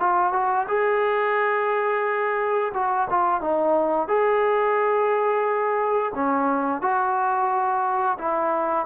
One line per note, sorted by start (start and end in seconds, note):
0.00 0.33 F4
0.33 0.67 F#4
0.68 2.73 G#4
2.74 3.08 F#4
3.10 3.41 F4
3.41 4.08 D#4
4.08 6.12 G#4
6.15 6.82 C#4
6.82 8.18 F#4
8.18 8.86 E4